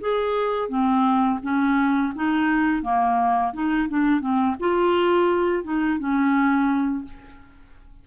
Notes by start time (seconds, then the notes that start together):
0.00 G#4
0.68 C4
1.42 C#4
2.15 D#4
2.82 A#3
3.53 D#4
3.88 D4
4.20 C4
4.59 F4
5.63 D#4
5.98 C#4